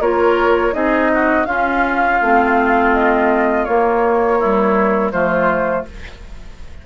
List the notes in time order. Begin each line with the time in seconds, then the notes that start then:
0.00 A#3 F4 A#4 C#5
0.73 C4 D#4 G#4 D#5
1.14 F#4
1.45 C#4 F4 F5
2.21 A3 C4
2.93 D#5
3.64 A#3 C#5
4.39 G3 E4
5.11 F3 A3 F4 C5